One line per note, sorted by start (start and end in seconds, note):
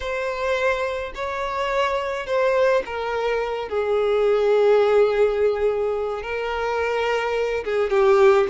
0.00 1.12 C5
1.14 2.26 C#5
2.26 2.83 C5
2.85 3.68 A#4
3.68 6.22 G#4
6.22 7.64 A#4
7.64 7.90 G#4
7.90 8.46 G4